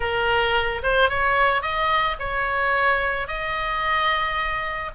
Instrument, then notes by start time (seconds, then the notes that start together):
oboe
0.00 A#4
0.82 C5
1.09 C#5
1.61 D#5
2.19 C#5
3.27 D#5